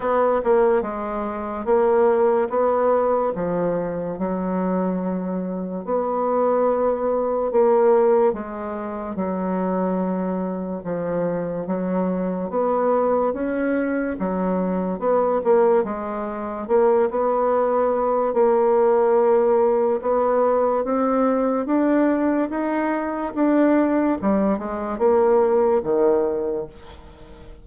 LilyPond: \new Staff \with { instrumentName = "bassoon" } { \time 4/4 \tempo 4 = 72 b8 ais8 gis4 ais4 b4 | f4 fis2 b4~ | b4 ais4 gis4 fis4~ | fis4 f4 fis4 b4 |
cis'4 fis4 b8 ais8 gis4 | ais8 b4. ais2 | b4 c'4 d'4 dis'4 | d'4 g8 gis8 ais4 dis4 | }